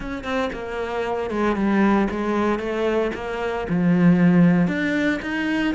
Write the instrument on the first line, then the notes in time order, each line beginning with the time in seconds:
cello
0.00 C#4
0.24 C4
0.52 A#3
1.30 G#3
1.56 G3
2.10 G#3
2.59 A3
3.14 A#3
3.69 F3
4.67 D4
5.22 D#4